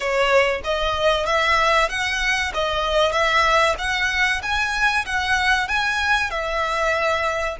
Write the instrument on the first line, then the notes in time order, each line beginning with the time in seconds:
violin
0.00 C#5
0.63 D#5
1.25 E5
1.89 F#5
2.53 D#5
3.11 E5
3.78 F#5
4.42 G#5
5.05 F#5
5.68 G#5
6.30 E5